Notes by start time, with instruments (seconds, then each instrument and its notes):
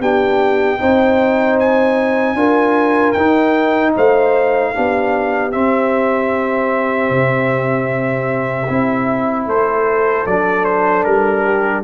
0.00 tuba B3, trombone D4, horn G4, trumpet G5
0.78 tuba C4, trombone D#4, horn C5
1.59 trumpet G#5
2.34 tuba D4, trombone F4, horn A#4
3.12 tuba D#4, trombone D#4, trumpet G5
3.95 tuba A3, horn C5, trumpet F5
4.74 tuba B3, trombone D4, horn G4
5.51 trombone C4, tuba C4, trumpet E5
7.10 tuba C3
8.68 tuba C4, trombone E4
9.46 tuba A3, horn A4, trumpet C5
10.26 tuba F#3, trombone D4, trumpet D5
10.64 trumpet C5
11.04 tuba G3, trumpet A#4
11.44 horn G4